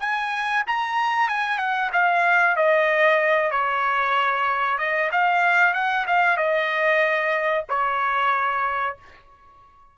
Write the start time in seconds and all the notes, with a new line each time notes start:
0.00 G#5
0.67 A#5
1.29 G#5
1.59 F#5
1.93 F5
2.56 D#5
3.51 C#5
4.78 D#5
5.12 F5
5.74 F#5
6.07 F5
6.37 D#5
7.69 C#5